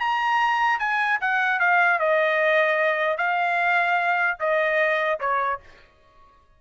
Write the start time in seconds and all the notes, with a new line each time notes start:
0.00 A#5
0.80 G#5
1.21 F#5
1.60 F5
2.00 D#5
3.18 F5
4.40 D#5
5.21 C#5